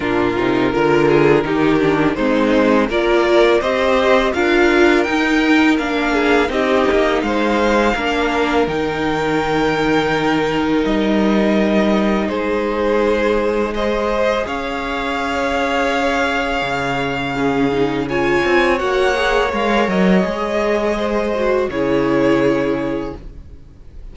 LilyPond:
<<
  \new Staff \with { instrumentName = "violin" } { \time 4/4 \tempo 4 = 83 ais'2. c''4 | d''4 dis''4 f''4 g''4 | f''4 dis''4 f''2 | g''2. dis''4~ |
dis''4 c''2 dis''4 | f''1~ | f''4 gis''4 fis''4 f''8 dis''8~ | dis''2 cis''2 | }
  \new Staff \with { instrumentName = "violin" } { \time 4/4 f'4 ais'8 gis'8 g'4 dis'4 | ais'4 c''4 ais'2~ | ais'8 gis'8 g'4 c''4 ais'4~ | ais'1~ |
ais'4 gis'2 c''4 | cis''1 | gis'4 cis''2.~ | cis''4 c''4 gis'2 | }
  \new Staff \with { instrumentName = "viola" } { \time 4/4 d'8 dis'8 f'4 dis'8 d'8 c'4 | f'4 g'4 f'4 dis'4 | d'4 dis'2 d'4 | dis'1~ |
dis'2. gis'4~ | gis'1 | cis'8 dis'8 f'4 fis'8 gis'8 ais'4 | gis'4. fis'8 e'2 | }
  \new Staff \with { instrumentName = "cello" } { \time 4/4 ais,8 c8 d4 dis4 gis4 | ais4 c'4 d'4 dis'4 | ais4 c'8 ais8 gis4 ais4 | dis2. g4~ |
g4 gis2. | cis'2. cis4~ | cis4. c'8 ais4 gis8 fis8 | gis2 cis2 | }
>>